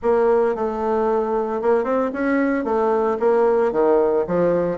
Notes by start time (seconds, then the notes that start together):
0.02 A#3
0.55 A3
1.61 A#3
1.84 C4
2.13 C#4
2.64 A3
3.19 A#3
3.72 D#3
4.27 F3